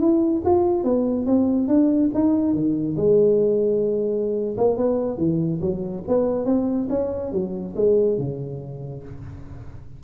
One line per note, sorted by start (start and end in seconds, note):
0.00 0.43 E4
0.45 0.84 F4
0.84 1.26 B3
1.26 1.68 C4
1.68 2.11 D4
2.15 2.54 D#4
2.54 2.97 D#3
2.97 4.56 G#3
4.58 4.78 A#3
4.78 5.18 B3
5.18 5.60 E3
5.61 6.04 F#3
6.08 6.46 B3
6.46 6.88 C4
6.90 7.32 C#4
7.32 7.75 F#3
7.76 8.19 G#3
8.19 9.04 C#3